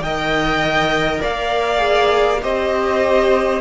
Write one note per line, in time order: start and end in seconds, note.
0.00 1.20 D#3
0.00 1.78 A#4
0.00 1.21 D#5
0.00 1.22 G5
1.21 2.43 A#3
1.21 2.41 D5
1.21 2.43 F5
1.78 2.38 G#4
2.42 3.61 C4
2.42 3.61 G4
2.42 3.61 C5
2.42 3.61 D#5